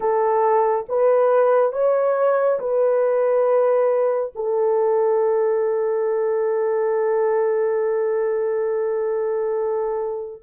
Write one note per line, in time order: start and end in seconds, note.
0.00 0.86 A4
0.88 1.72 B4
1.72 2.59 C#5
2.59 4.33 B4
4.35 10.42 A4